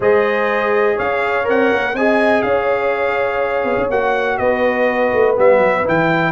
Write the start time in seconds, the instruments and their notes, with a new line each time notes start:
0.00 tuba G#3, trombone G#4, horn C5, trumpet D#5
0.96 tuba C#4, horn C#5, trumpet F5
1.44 tuba C4, trombone A#4, trumpet F#5
1.72 tuba A#3
1.93 tuba C4, trombone G#4, horn D#5, trumpet G#5
2.42 tuba C#4, horn C#5, trumpet F5
3.64 tuba B3
3.77 tuba C#4
3.90 tuba A#3, trombone F#4, trumpet F#5
4.37 tuba B3, horn B4, trumpet D#5
5.12 tuba A3
5.36 tuba G3, trombone B3, trumpet E5
5.58 tuba F#3
5.84 tuba E3, trombone E4, trumpet G5